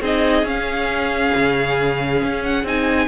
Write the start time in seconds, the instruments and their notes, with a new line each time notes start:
0.00 cello C4, viola D#4, violin G#4 D#5
0.43 cello C#4, viola C#4, violin F5
1.35 cello C#3
2.22 cello C#4
2.44 violin F#5
2.63 cello C4, viola D#4, violin G#5